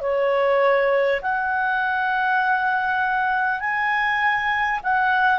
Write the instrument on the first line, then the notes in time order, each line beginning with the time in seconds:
clarinet
0.00 C#5
1.21 F#5
3.60 G#5
4.83 F#5